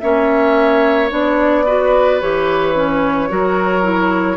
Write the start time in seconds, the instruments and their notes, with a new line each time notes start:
0.00 bassoon A#3, clarinet C#4, oboe C#5, flute E5
1.10 bassoon B3, clarinet D4, flute D5
1.65 clarinet F#4, oboe B4
2.21 bassoon E3, clarinet G4, flute C#5
2.75 clarinet C#4
3.29 bassoon F#3, clarinet F#4, oboe A#4
3.83 clarinet E4